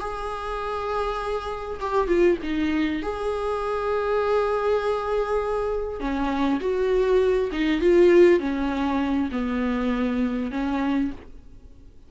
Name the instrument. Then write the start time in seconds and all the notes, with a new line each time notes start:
viola
0.00 G#4
1.80 G4
2.07 F4
2.42 D#4
3.02 G#4
6.00 C#4
6.60 F#4
7.52 D#4
7.81 F4
8.39 C#4
9.31 B3
10.51 C#4